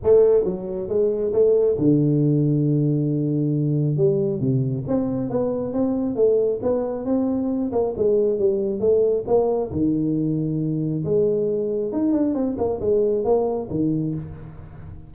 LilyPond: \new Staff \with { instrumentName = "tuba" } { \time 4/4 \tempo 4 = 136 a4 fis4 gis4 a4 | d1~ | d4 g4 c4 c'4 | b4 c'4 a4 b4 |
c'4. ais8 gis4 g4 | a4 ais4 dis2~ | dis4 gis2 dis'8 d'8 | c'8 ais8 gis4 ais4 dis4 | }